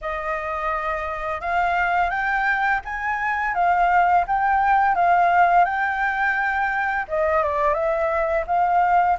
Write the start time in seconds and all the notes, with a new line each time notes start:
0.01 D#5
1.41 F5
2.10 G5
2.85 G#5
3.54 F5
4.27 G5
4.95 F5
5.65 G5
7.08 D#5
7.43 D5
7.74 E5
8.46 F5